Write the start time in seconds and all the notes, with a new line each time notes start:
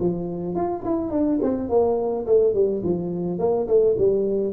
0.00 F3
0.55 F4
0.85 E4
1.11 D4
1.42 C4
1.69 A#3
2.26 A3
2.54 G3
2.83 F3
3.39 A#3
3.67 A3
3.98 G3